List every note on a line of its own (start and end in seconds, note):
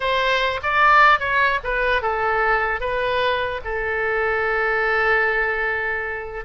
0.00 0.60 C5
0.63 1.19 D5
1.19 1.59 C#5
1.63 2.01 B4
2.01 2.80 A4
2.80 3.60 B4
3.64 6.44 A4